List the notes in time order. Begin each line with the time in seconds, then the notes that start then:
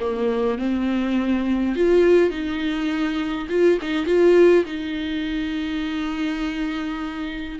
0.00 A#3
0.59 C4
1.76 F4
2.30 D#4
3.50 F4
3.82 D#4
4.06 F4
4.65 D#4